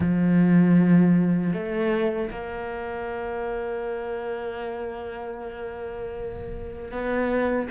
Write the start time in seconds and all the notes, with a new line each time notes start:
0.00 F3
1.53 A3
2.30 A#3
6.91 B3